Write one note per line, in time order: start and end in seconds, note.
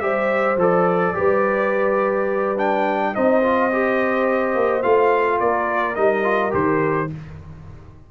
0.00 0.57 G3
0.00 0.57 G4
0.00 1.17 C5
0.00 0.57 E5
0.57 1.13 F3
0.57 1.15 A4
0.57 2.58 D5
1.15 3.16 G3
1.15 2.56 G4
1.15 3.15 B4
2.58 3.14 D4
2.58 3.15 G5
3.14 4.55 C4
3.14 3.43 D#4
3.14 5.41 C5
3.14 4.83 D#5
3.43 3.71 F4
3.73 4.83 G4
4.55 4.83 A#3
4.83 5.41 A3
4.83 5.95 F4
4.83 5.39 F5
5.40 5.97 A#3
5.40 7.11 A#4
5.40 5.95 D5
5.95 6.54 G3
5.95 6.23 D#4
5.95 6.52 D#5
6.23 6.51 F4
6.51 7.11 D#3
6.51 7.07 G4
6.51 7.11 C5